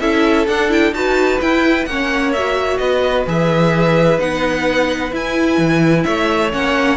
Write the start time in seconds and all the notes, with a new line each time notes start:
0.00 C#4 E4 A4 E5
0.47 D4 F#5
0.69 E4 G5
0.92 D#4 F#4 B4 A5
1.41 E4 G5
1.85 A#3 C#4 C#5 F#5
2.33 F#4 E5
2.78 B3 B4 D#5
3.27 E3 G#4 E5
4.19 B3 D#4 F#5
5.11 E4 G#5
5.58 E3
6.03 A3 C#5 E5
6.51 A#3 C#4 F#5